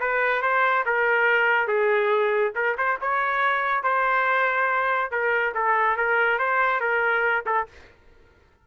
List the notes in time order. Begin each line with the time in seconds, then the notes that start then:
0.00 B4
0.42 C5
0.86 A#4
1.68 G#4
2.55 A#4
2.78 C5
3.01 C#5
3.83 C5
5.11 A#4
5.54 A4
5.97 A#4
6.39 C5
6.80 A#4
7.46 A4